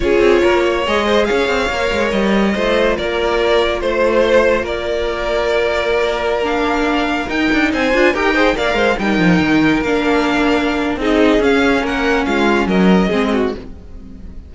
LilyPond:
<<
  \new Staff \with { instrumentName = "violin" } { \time 4/4 \tempo 4 = 142 cis''2 dis''4 f''4~ | f''4 dis''2 d''4~ | d''4 c''2 d''4~ | d''2.~ d''16 f''8.~ |
f''4~ f''16 g''4 gis''4 g''8.~ | g''16 f''4 g''2 f''8.~ | f''2 dis''4 f''4 | fis''4 f''4 dis''2 | }
  \new Staff \with { instrumentName = "violin" } { \time 4/4 gis'4 ais'8 cis''4 c''8 cis''4~ | cis''2 c''4 ais'4~ | ais'4 c''2 ais'4~ | ais'1~ |
ais'2~ ais'16 c''4 ais'8 c''16~ | c''16 d''8 c''8 ais'2~ ais'8.~ | ais'2 gis'2 | ais'4 f'4 ais'4 gis'8 fis'8 | }
  \new Staff \with { instrumentName = "viola" } { \time 4/4 f'2 gis'2 | ais'2 f'2~ | f'1~ | f'2.~ f'16 d'8.~ |
d'4~ d'16 dis'4. f'8 g'8 gis'16~ | gis'16 ais'4 dis'2 d'8.~ | d'2 dis'4 cis'4~ | cis'2. c'4 | }
  \new Staff \with { instrumentName = "cello" } { \time 4/4 cis'8 c'8 ais4 gis4 cis'8 c'8 | ais8 gis8 g4 a4 ais4~ | ais4 a2 ais4~ | ais1~ |
ais4~ ais16 dis'8 d'8 c'8 d'8 dis'8.~ | dis'16 ais8 gis8 g8 f8 dis4 ais8.~ | ais2 c'4 cis'4 | ais4 gis4 fis4 gis4 | }
>>